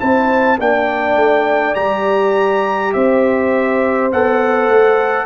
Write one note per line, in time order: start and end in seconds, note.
0.00 0.59 C4
0.00 0.59 E4
0.00 0.59 C5
0.00 0.59 A5
0.59 1.16 A#3
0.59 1.76 D4
0.59 2.95 D5
0.59 1.75 G5
1.16 1.75 A3
1.75 2.94 G3
1.75 4.11 G4
1.75 2.93 A#5
2.93 4.13 C4
2.93 5.26 C5
2.93 4.11 E5
4.12 4.69 B3
4.12 5.26 A4
4.12 5.26 F#5
4.69 5.26 A3